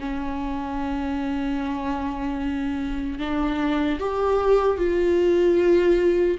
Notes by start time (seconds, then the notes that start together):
0.00 C#4
3.19 D4
4.00 G4
4.78 F4